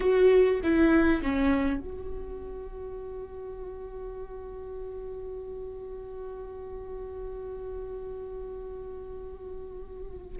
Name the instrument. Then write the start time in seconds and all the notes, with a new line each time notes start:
viola
0.00 F#4
0.63 E4
1.22 C#4
1.79 F#4